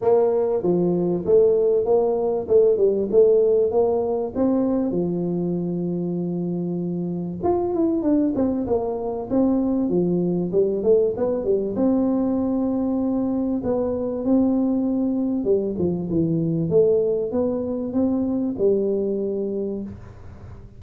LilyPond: \new Staff \with { instrumentName = "tuba" } { \time 4/4 \tempo 4 = 97 ais4 f4 a4 ais4 | a8 g8 a4 ais4 c'4 | f1 | f'8 e'8 d'8 c'8 ais4 c'4 |
f4 g8 a8 b8 g8 c'4~ | c'2 b4 c'4~ | c'4 g8 f8 e4 a4 | b4 c'4 g2 | }